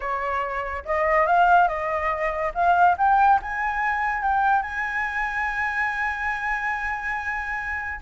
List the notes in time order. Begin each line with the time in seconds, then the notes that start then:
0.00 C#5
0.85 D#5
1.26 F5
1.67 D#5
2.54 F5
2.97 G5
3.41 G#5
4.22 G5
4.62 G#5